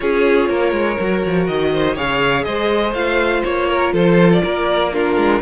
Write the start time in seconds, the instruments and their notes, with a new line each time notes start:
0.00 cello C#4, viola F4, violin G#4 C#5
0.49 cello A#3, violin A#4
0.72 cello G#3
1.00 cello F#3, viola F#4
1.25 cello F3
1.47 cello D#3, violin D#5
1.72 violin C5
1.95 cello C#3, viola G#4, violin C#5 F5
2.44 cello G#3, violin C5 D#5
2.93 cello A3, viola F4, violin F5
3.44 cello A#3, violin C#5
3.68 violin A#4
3.92 cello F3, violin A4 C5
4.32 violin D5
4.43 cello A#3, violin A#4
4.93 viola D4, violin F4 A#4
5.16 cello G#3